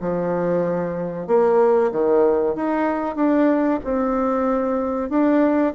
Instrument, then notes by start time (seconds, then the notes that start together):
bassoon
0.00 F3
1.27 A#3
1.91 D#3
2.55 D#4
3.15 D4
3.84 C4
5.09 D4